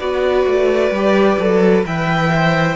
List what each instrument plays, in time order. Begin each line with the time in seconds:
0.00 cello B3, viola F#4, violin B4 D5
0.46 cello A3
0.91 cello G3, viola G4
1.39 cello F#3, viola A4
1.85 cello E3, viola B4, violin E5 G5
2.36 viola C5